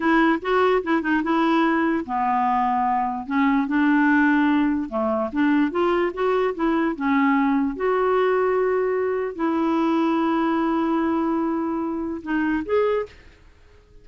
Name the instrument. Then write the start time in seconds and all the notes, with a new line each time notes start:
clarinet
0.00 E4
0.41 F#4
0.83 E4
1.01 D#4
1.23 E4
2.05 B3
3.26 C#4
3.67 D4
4.89 A3
5.32 D4
5.71 F4
6.13 F#4
6.54 E4
6.95 C#4
7.76 F#4
9.35 E4
12.22 D#4
12.65 G#4